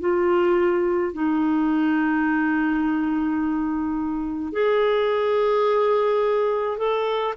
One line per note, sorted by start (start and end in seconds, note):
0.00 1.13 F4
1.13 4.53 D#4
4.53 6.78 G#4
6.78 7.34 A4